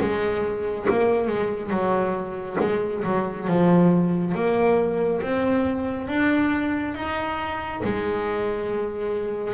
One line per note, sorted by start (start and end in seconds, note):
0.00 0.87 G#3
0.89 1.27 A#3
1.27 1.70 G#3
1.70 2.57 F#3
2.60 3.03 G#3
3.04 3.47 F#3
3.47 4.34 F3
4.34 5.21 A#3
5.21 6.08 C4
6.08 6.94 D4
6.94 7.81 D#4
7.83 9.53 G#3